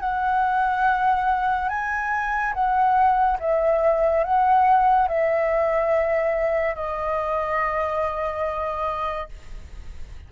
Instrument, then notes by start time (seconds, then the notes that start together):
flute
0.00 F#5
1.68 G#5
2.54 F#5
3.40 E5
4.24 F#5
5.08 E5
6.75 D#5